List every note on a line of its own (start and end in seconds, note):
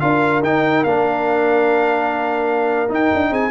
0.00 0.43 D4
0.00 0.42 F4
0.00 3.31 A#4
0.00 0.41 F5
0.43 0.84 D#4
0.43 0.86 D#4
0.43 0.84 G5
0.84 2.90 A#3
0.84 2.89 D4
0.84 2.91 F5
2.89 3.51 D#4
2.89 3.11 D#4
2.89 3.34 G5
3.14 3.31 D4
3.31 3.51 C4
3.31 3.51 G#4
3.31 3.51 G#5